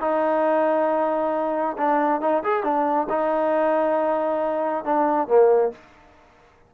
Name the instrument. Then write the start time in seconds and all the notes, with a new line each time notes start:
trombone
0.00 D#4
1.77 D4
2.21 D#4
2.44 G#4
2.63 D4
3.10 D#4
4.85 D4
5.28 A#3